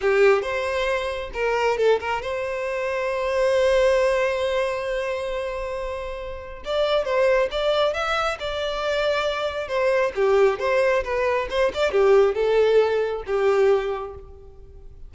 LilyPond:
\new Staff \with { instrumentName = "violin" } { \time 4/4 \tempo 4 = 136 g'4 c''2 ais'4 | a'8 ais'8 c''2.~ | c''1~ | c''2. d''4 |
c''4 d''4 e''4 d''4~ | d''2 c''4 g'4 | c''4 b'4 c''8 d''8 g'4 | a'2 g'2 | }